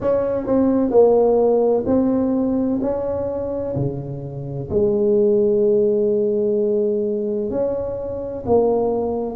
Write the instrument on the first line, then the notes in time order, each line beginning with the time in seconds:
tuba
0.00 C#4
0.46 C4
0.90 A#3
1.85 C4
2.81 C#4
3.75 C#3
4.70 G#3
7.50 C#4
8.46 A#3